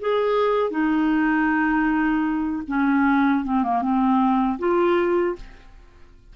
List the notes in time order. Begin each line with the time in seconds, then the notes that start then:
0.00 G#4
0.71 D#4
2.68 C#4
3.44 C4
3.63 A#3
3.82 C4
4.59 F4